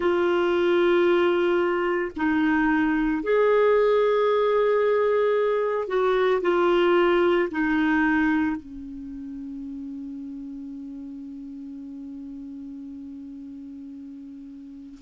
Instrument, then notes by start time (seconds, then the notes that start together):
clarinet
0.00 F4
2.16 D#4
3.23 G#4
5.87 F#4
6.41 F4
7.50 D#4
8.56 C#4